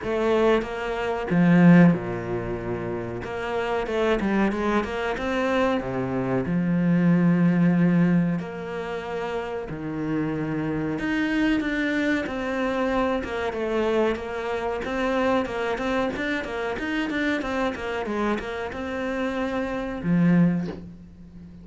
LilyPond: \new Staff \with { instrumentName = "cello" } { \time 4/4 \tempo 4 = 93 a4 ais4 f4 ais,4~ | ais,4 ais4 a8 g8 gis8 ais8 | c'4 c4 f2~ | f4 ais2 dis4~ |
dis4 dis'4 d'4 c'4~ | c'8 ais8 a4 ais4 c'4 | ais8 c'8 d'8 ais8 dis'8 d'8 c'8 ais8 | gis8 ais8 c'2 f4 | }